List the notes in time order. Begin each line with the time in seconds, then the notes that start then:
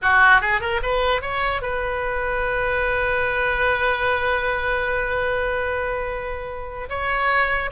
0.01 F#4
0.41 G#4
0.60 A#4
0.82 B4
1.21 C#5
1.61 B4
6.89 C#5